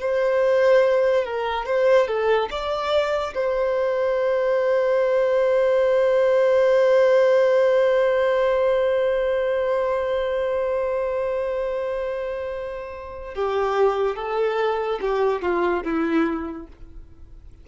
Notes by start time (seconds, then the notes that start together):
0.00 C5
1.25 A#4
1.66 C5
2.07 A4
2.50 D5
3.34 C5
13.34 G4
14.16 A4
15.01 G4
15.42 F4
15.84 E4